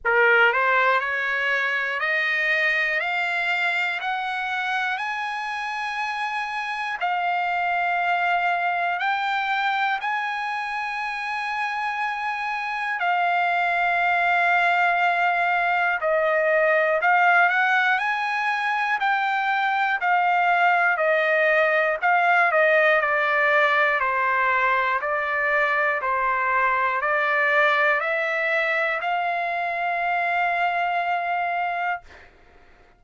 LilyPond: \new Staff \with { instrumentName = "trumpet" } { \time 4/4 \tempo 4 = 60 ais'8 c''8 cis''4 dis''4 f''4 | fis''4 gis''2 f''4~ | f''4 g''4 gis''2~ | gis''4 f''2. |
dis''4 f''8 fis''8 gis''4 g''4 | f''4 dis''4 f''8 dis''8 d''4 | c''4 d''4 c''4 d''4 | e''4 f''2. | }